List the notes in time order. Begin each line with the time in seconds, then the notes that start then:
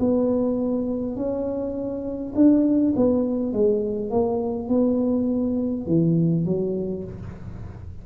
0.00 B3
1.17 C#4
2.35 D4
2.96 B3
3.53 G#3
4.11 A#3
4.69 B3
5.87 E3
6.45 F#3